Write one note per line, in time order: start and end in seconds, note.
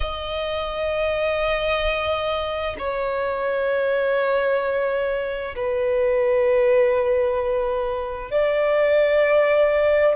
0.00 2.76 D#5
2.78 5.55 C#5
5.56 8.31 B4
8.31 10.15 D5